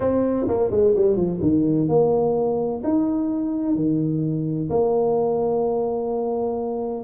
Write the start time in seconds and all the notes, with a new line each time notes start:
0.00 C4
0.47 A#3
0.70 G#3
0.95 G3
1.16 F3
1.41 D#3
1.88 A#3
2.83 D#4
3.75 D#3
4.69 A#3